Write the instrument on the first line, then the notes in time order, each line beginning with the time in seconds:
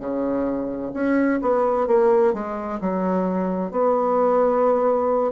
bassoon
0.00 C#3
0.94 C#4
1.42 B3
1.88 A#3
2.34 G#3
2.81 F#3
3.72 B3